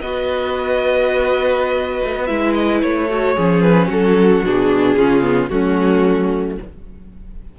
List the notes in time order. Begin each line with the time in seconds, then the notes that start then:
0.00 B3 F#4 B4 D#5
2.03 A3
2.15 B3
2.26 G#3 E4 E5
2.53 D#5
2.81 A3 C#5
3.09 F#4 A4
3.35 F3 C#4 G#4
3.61 B4
3.87 F#3 F#4 A4
4.44 B2 D4 G#4
4.95 C#3 C#4 F4
5.21 B3
5.48 F#3 A3 C#4 F#4